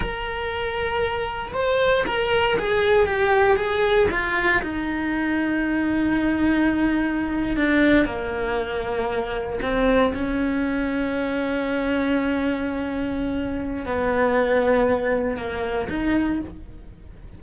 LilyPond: \new Staff \with { instrumentName = "cello" } { \time 4/4 \tempo 4 = 117 ais'2. c''4 | ais'4 gis'4 g'4 gis'4 | f'4 dis'2.~ | dis'2~ dis'8. d'4 ais16~ |
ais2~ ais8. c'4 cis'16~ | cis'1~ | cis'2. b4~ | b2 ais4 dis'4 | }